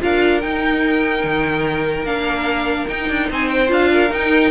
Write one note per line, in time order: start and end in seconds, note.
0.00 0.43 D4
0.00 0.41 F4
0.00 3.30 A#4
0.00 0.41 F5
0.41 1.24 D#4
0.41 2.06 D#4
0.41 2.05 G5
1.24 2.03 D#3
2.03 2.85 A#3
2.03 2.88 D4
2.03 2.88 F5
2.88 3.68 D#4
2.88 3.09 D#4
2.88 3.30 G5
3.09 3.30 D4
3.30 3.71 C4
3.30 3.91 C5
3.30 3.49 G#5
3.49 3.70 G5
3.68 4.11 D4
3.68 4.09 F4
3.68 4.14 F5
3.93 4.51 A#4
4.11 4.51 D#4
4.11 4.51 G5